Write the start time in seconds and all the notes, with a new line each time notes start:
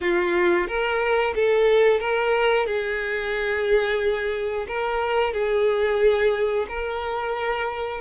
0.01 F4
0.67 A#4
1.35 A4
2.00 A#4
2.66 G#4
4.67 A#4
5.33 G#4
6.68 A#4